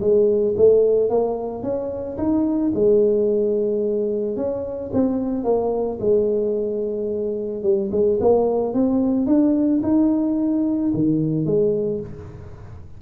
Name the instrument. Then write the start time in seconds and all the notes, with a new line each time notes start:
tuba
0.00 G#3
0.57 A3
1.09 A#3
1.62 C#4
2.17 D#4
2.74 G#3
4.36 C#4
4.93 C4
5.43 A#3
6.00 G#3
7.62 G3
7.91 G#3
8.20 A#3
8.73 C4
9.26 D4
9.83 D#4
10.94 D#3
11.45 G#3